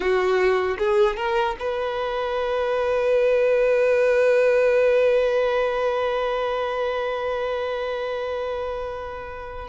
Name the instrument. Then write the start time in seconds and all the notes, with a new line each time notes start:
violin
0.00 F#4
0.78 G#4
1.16 A#4
1.59 B4